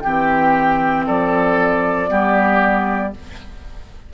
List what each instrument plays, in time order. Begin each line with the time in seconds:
0.00 bassoon E3, clarinet C4, oboe G4, flute G5
1.06 bassoon F3, oboe A4, flute D5
2.07 bassoon G3, clarinet B3, oboe G4